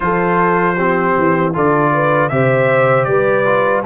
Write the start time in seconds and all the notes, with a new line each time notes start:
0.00 F3 F4 A4 C5
0.76 C4 G4
1.18 E3
1.53 D3 F4 A4 D5
1.93 B4
2.29 C3 G4 C5 E5
3.04 G3 B4 D5
3.45 F4